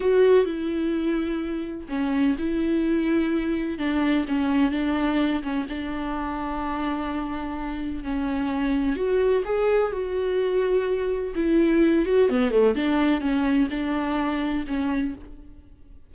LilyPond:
\new Staff \with { instrumentName = "viola" } { \time 4/4 \tempo 4 = 127 fis'4 e'2. | cis'4 e'2. | d'4 cis'4 d'4. cis'8 | d'1~ |
d'4 cis'2 fis'4 | gis'4 fis'2. | e'4. fis'8 b8 a8 d'4 | cis'4 d'2 cis'4 | }